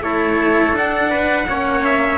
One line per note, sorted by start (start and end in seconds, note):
0.00 0.72 A3
0.00 0.75 E4
0.00 1.10 A4
0.00 0.75 C#5
0.72 1.44 D4
0.72 1.47 D4
0.72 1.84 F#5
1.10 1.46 B4
1.48 2.18 A#3
1.48 2.18 C#4
1.48 2.18 C#5
1.84 2.18 E5